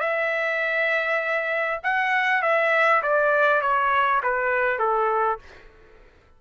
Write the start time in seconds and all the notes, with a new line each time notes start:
0.00 E5
1.83 F#5
2.42 E5
3.02 D5
3.61 C#5
4.23 B4
4.79 A4